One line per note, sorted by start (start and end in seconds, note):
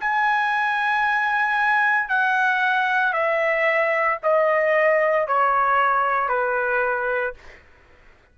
0.00 2.09 G#5
2.09 3.12 F#5
3.12 4.18 E5
4.22 5.27 D#5
5.27 6.28 C#5
6.28 7.33 B4